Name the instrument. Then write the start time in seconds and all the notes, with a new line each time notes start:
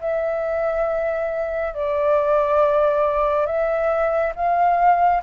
flute
0.00 E5
1.74 D5
3.46 E5
4.35 F5